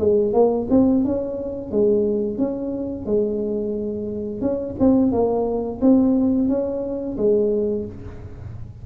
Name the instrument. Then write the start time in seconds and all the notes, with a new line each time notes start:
tuba
0.00 G#3
0.34 A#3
0.71 C4
1.05 C#4
1.71 G#3
2.39 C#4
3.06 G#3
4.42 C#4
4.80 C4
5.13 A#3
5.82 C4
6.49 C#4
7.18 G#3